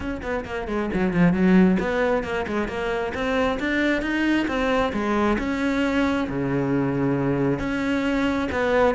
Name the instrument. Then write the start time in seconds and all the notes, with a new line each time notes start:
cello
0.00 C#4
0.22 B3
0.45 A#3
0.67 G#3
0.93 F#3
1.13 F3
1.32 F#3
1.79 B3
2.23 A#3
2.47 G#3
2.68 A#3
3.14 C4
3.59 D4
4.02 D#4
4.47 C4
4.93 G#3
5.38 C#4
6.29 C#3
7.59 C#4
8.51 B3